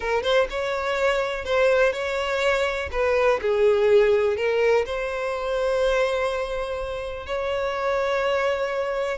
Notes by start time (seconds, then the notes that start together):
0.00 A#4
0.23 C5
0.49 C#5
1.45 C5
1.92 C#5
2.91 B4
3.41 G#4
4.36 A#4
4.85 C5
7.26 C#5